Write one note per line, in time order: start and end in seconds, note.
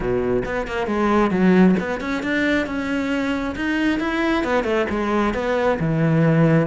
0.00 0.43 B2
0.45 0.67 B3
0.67 0.86 A#3
0.86 1.31 G#3
1.31 1.75 F#3
1.79 2.00 B3
2.00 2.22 C#4
2.23 2.66 D4
2.66 3.55 C#4
3.55 3.99 D#4
3.99 4.43 E4
4.44 4.63 B3
4.63 4.86 A3
4.89 5.34 G#3
5.34 5.78 B3
5.79 6.67 E3